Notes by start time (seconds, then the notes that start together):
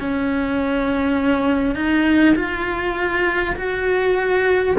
0.00 C#4
1.75 D#4
2.36 F4
3.56 F#4